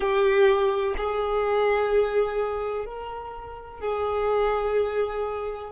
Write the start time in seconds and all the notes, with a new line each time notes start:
0.00 G4
0.97 G#4
2.85 A#4
3.80 G#4